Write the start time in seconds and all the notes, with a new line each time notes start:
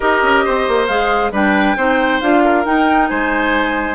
0.00 D#4 G4 A#4 D#5
0.22 C#4
0.45 C4 C5
0.68 A#3
0.87 G#3 G#4 F5
1.31 G3 D4 B4 G5
1.76 C4 D#4 C5
2.20 D4 F4 F5
2.43 A#4
2.64 D#4 G5
3.08 G#3 C5 G#5